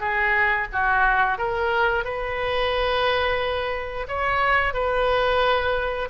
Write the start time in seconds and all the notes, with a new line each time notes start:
0.00 G#4
0.73 F#4
1.38 A#4
2.05 B4
4.08 C#5
4.74 B4